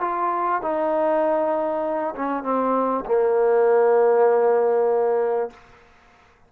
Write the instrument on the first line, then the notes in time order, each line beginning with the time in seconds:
trombone
0.00 F4
0.61 D#4
2.15 C#4
2.43 C4
3.05 A#3